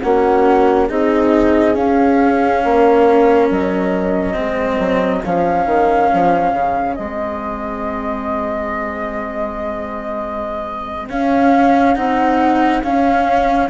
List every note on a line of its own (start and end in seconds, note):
0.00 0.90 A#3
0.00 0.89 C#4
0.00 0.88 F#4
0.00 0.87 F#5
0.88 1.76 C4
0.88 1.74 D#4
0.88 2.62 G#4
0.88 1.74 D#5
1.74 4.33 C#4
1.74 2.63 C#4
1.74 3.48 F5
2.64 3.50 A#3
2.64 4.36 A#4
3.50 4.37 F#3
3.50 5.23 D#5
4.33 4.78 G#3
4.33 5.20 C4
4.33 13.69 G#4
4.78 5.22 F#3
5.23 5.65 F3
5.23 6.97 C#4
5.23 6.94 F5
5.65 6.09 D#3
6.13 6.53 F3
6.53 6.96 C#3
6.94 11.09 G#3
6.94 11.09 C4
6.94 11.07 D#5
11.09 11.95 C#4
11.09 11.96 C#4
11.09 11.94 F5
11.94 12.84 C4
11.94 12.82 D#4
11.94 12.81 F#5
12.82 13.69 C#4
12.82 13.69 F5